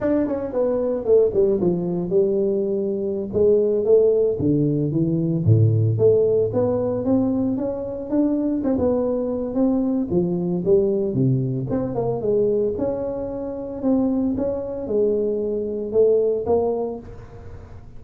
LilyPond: \new Staff \with { instrumentName = "tuba" } { \time 4/4 \tempo 4 = 113 d'8 cis'8 b4 a8 g8 f4 | g2~ g16 gis4 a8.~ | a16 d4 e4 a,4 a8.~ | a16 b4 c'4 cis'4 d'8.~ |
d'16 c'16 b4. c'4 f4 | g4 c4 c'8 ais8 gis4 | cis'2 c'4 cis'4 | gis2 a4 ais4 | }